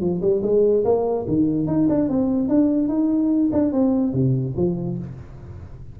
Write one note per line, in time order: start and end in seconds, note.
0.00 0.21 F3
0.21 0.42 G3
0.42 0.84 G#3
0.84 1.26 A#3
1.27 1.67 D#3
1.67 1.88 D#4
1.88 2.08 D4
2.08 2.48 C4
2.48 2.88 D4
2.88 3.50 D#4
3.52 3.72 D4
3.72 4.13 C4
4.13 4.54 C3
4.56 4.98 F3